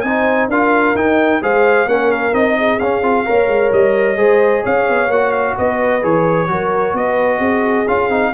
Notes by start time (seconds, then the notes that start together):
0.00 C4 D#4 C5 G#5
0.48 D4 F4 A#4 F5
0.94 D#4 G5
1.41 G#3 G#4 C5 F5
1.85 A#3 C#4 A#4 F#5
2.11 F5
2.32 C4 D#4 D#5
2.58 G#4
2.79 C#4 F5
3.02 C4 F4
3.25 A#3 A#4 C#5
3.47 G#3
3.72 G3 D#5
4.16 G#3 G#4 C5
4.62 C#4 C#5 F5
4.88 B3
5.08 A#3 F#4 F#5
5.31 F5
5.57 B3 B4 D#5
6.01 E3 G#4 C#5
6.47 F#3 F#4 A#4
6.93 B3 D#5
6.99 B4
7.38 C4 G#4
7.87 C#4 F4 F5
8.08 C4 D#4